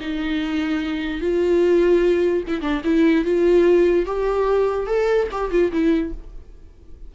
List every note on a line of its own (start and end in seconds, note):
0.00 1.21 D#4
1.21 2.43 F4
2.47 2.61 E4
2.61 2.82 D4
2.84 3.24 E4
3.24 4.06 F4
4.06 4.87 G4
4.87 5.27 A4
5.31 5.51 G4
5.51 5.71 F4
5.72 6.13 E4